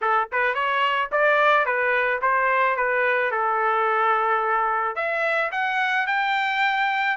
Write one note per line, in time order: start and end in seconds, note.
0.01 0.28 A4
0.32 0.54 B4
0.54 1.09 C#5
1.11 1.65 D5
1.65 2.20 B4
2.21 2.76 C5
2.76 3.31 B4
3.31 4.95 A4
4.95 5.50 E5
5.51 6.06 F#5
6.07 7.17 G5